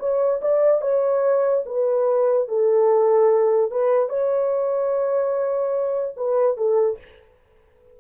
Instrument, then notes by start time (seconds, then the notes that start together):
horn
0.00 C#5
0.42 D5
0.82 C#5
1.66 B4
2.48 A4
3.71 B4
4.09 C#5
6.17 B4
6.58 A4